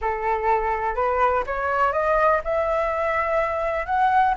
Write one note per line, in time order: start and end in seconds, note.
0.01 0.95 A4
0.95 1.43 B4
1.46 1.92 C#5
1.92 2.41 D#5
2.43 3.86 E5
3.86 4.34 F#5